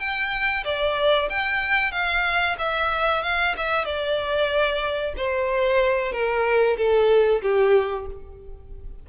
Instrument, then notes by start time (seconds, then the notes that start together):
violin
0.00 G5
0.65 D5
1.30 G5
1.92 F5
2.59 E5
3.23 F5
3.57 E5
3.85 D5
5.17 C5
6.13 A#4
6.77 A4
7.43 G4